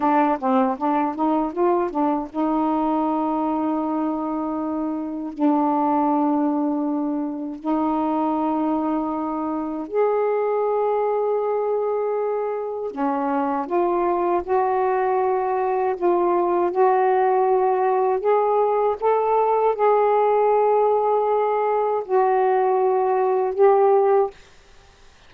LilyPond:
\new Staff \with { instrumentName = "saxophone" } { \time 4/4 \tempo 4 = 79 d'8 c'8 d'8 dis'8 f'8 d'8 dis'4~ | dis'2. d'4~ | d'2 dis'2~ | dis'4 gis'2.~ |
gis'4 cis'4 f'4 fis'4~ | fis'4 f'4 fis'2 | gis'4 a'4 gis'2~ | gis'4 fis'2 g'4 | }